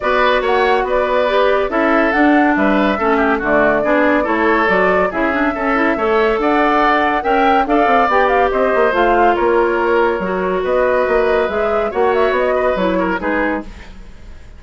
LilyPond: <<
  \new Staff \with { instrumentName = "flute" } { \time 4/4 \tempo 4 = 141 d''4 fis''4 d''2 | e''4 fis''4 e''2 | d''2 cis''4 d''4 | e''2. fis''4~ |
fis''4 g''4 f''4 g''8 f''8 | dis''4 f''4 cis''2~ | cis''4 dis''2 e''4 | fis''8 e''8 dis''4 cis''4 b'4 | }
  \new Staff \with { instrumentName = "oboe" } { \time 4/4 b'4 cis''4 b'2 | a'2 b'4 a'8 g'8 | fis'4 gis'4 a'2 | gis'4 a'4 cis''4 d''4~ |
d''4 e''4 d''2 | c''2 ais'2~ | ais'4 b'2. | cis''4. b'4 ais'8 gis'4 | }
  \new Staff \with { instrumentName = "clarinet" } { \time 4/4 fis'2. g'4 | e'4 d'2 cis'4 | a4 d'4 e'4 fis'4 | e'8 d'8 cis'8 e'8 a'2~ |
a'4 ais'4 a'4 g'4~ | g'4 f'2. | fis'2. gis'4 | fis'2 e'4 dis'4 | }
  \new Staff \with { instrumentName = "bassoon" } { \time 4/4 b4 ais4 b2 | cis'4 d'4 g4 a4 | d4 b4 a4 fis4 | cis4 cis'4 a4 d'4~ |
d'4 cis'4 d'8 c'8 b4 | c'8 ais8 a4 ais2 | fis4 b4 ais4 gis4 | ais4 b4 fis4 gis4 | }
>>